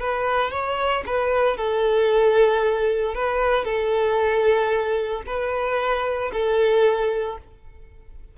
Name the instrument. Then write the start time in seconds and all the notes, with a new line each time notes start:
violin
0.00 B4
0.51 C#5
1.06 B4
1.57 A4
3.15 B4
3.65 A4
5.27 B4
6.33 A4